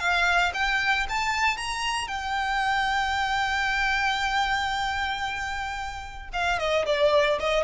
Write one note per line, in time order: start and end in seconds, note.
0.00 0.53 F5
0.54 1.07 G5
1.10 1.57 A5
1.57 2.08 A#5
2.08 6.29 G5
6.33 6.59 F5
6.59 6.86 D#5
6.86 7.39 D5
7.40 7.64 D#5